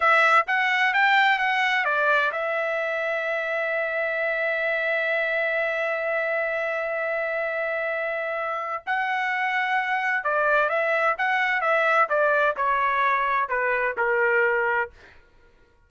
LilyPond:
\new Staff \with { instrumentName = "trumpet" } { \time 4/4 \tempo 4 = 129 e''4 fis''4 g''4 fis''4 | d''4 e''2.~ | e''1~ | e''1~ |
e''2. fis''4~ | fis''2 d''4 e''4 | fis''4 e''4 d''4 cis''4~ | cis''4 b'4 ais'2 | }